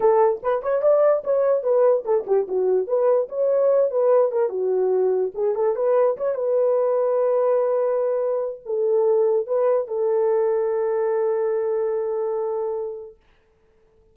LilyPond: \new Staff \with { instrumentName = "horn" } { \time 4/4 \tempo 4 = 146 a'4 b'8 cis''8 d''4 cis''4 | b'4 a'8 g'8 fis'4 b'4 | cis''4. b'4 ais'8 fis'4~ | fis'4 gis'8 a'8 b'4 cis''8 b'8~ |
b'1~ | b'4 a'2 b'4 | a'1~ | a'1 | }